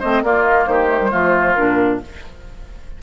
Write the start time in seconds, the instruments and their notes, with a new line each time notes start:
0.00 bassoon A3, clarinet C4, oboe C5, flute D#5
0.23 bassoon A#3, clarinet A#3, oboe F4, flute D5
0.43 flute D#5
0.66 bassoon D#3, oboe G4, flute C5
0.88 clarinet A3
1.00 clarinet G3
1.11 bassoon F3, clarinet A3, oboe F4
1.54 bassoon A#2, clarinet D4, flute A#4